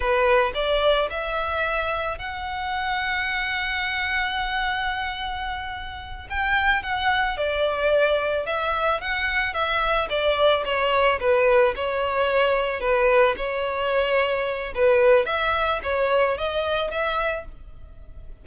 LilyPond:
\new Staff \with { instrumentName = "violin" } { \time 4/4 \tempo 4 = 110 b'4 d''4 e''2 | fis''1~ | fis''2.~ fis''8 g''8~ | g''8 fis''4 d''2 e''8~ |
e''8 fis''4 e''4 d''4 cis''8~ | cis''8 b'4 cis''2 b'8~ | b'8 cis''2~ cis''8 b'4 | e''4 cis''4 dis''4 e''4 | }